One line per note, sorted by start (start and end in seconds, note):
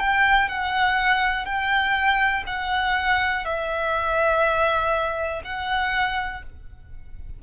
0.00 0.49 G5
0.49 1.46 F#5
1.46 2.44 G5
2.47 3.45 F#5
3.46 5.42 E5
5.45 6.43 F#5